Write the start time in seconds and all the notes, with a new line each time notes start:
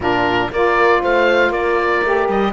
0.00 A#2 D4 F4 A#4
0.52 A#3 F4 A#4 D5
1.01 A3 C5 F5
1.49 A#3 A#4 D5
2.03 A3 G4
2.28 G3 D#5